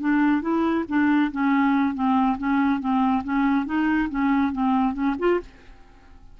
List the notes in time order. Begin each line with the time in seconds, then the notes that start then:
0.00 D4
0.41 E4
0.88 D4
1.31 C#4
1.94 C4
2.37 C#4
2.80 C4
3.24 C#4
3.65 D#4
4.09 C#4
4.52 C4
4.93 C#4
5.18 F4